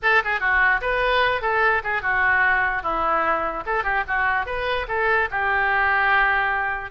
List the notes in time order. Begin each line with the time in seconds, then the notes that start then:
0.02 A4
0.24 G#4
0.40 F#4
0.81 B4
1.41 A4
1.83 G#4
2.02 F#4
2.82 E4
3.66 A4
3.83 G4
4.07 F#4
4.45 B4
4.88 A4
5.30 G4